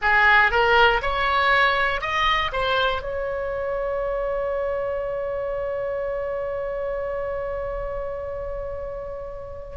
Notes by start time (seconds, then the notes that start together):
0.01 G#4
0.51 A#4
1.02 C#5
2.01 D#5
2.52 C5
3.01 C#5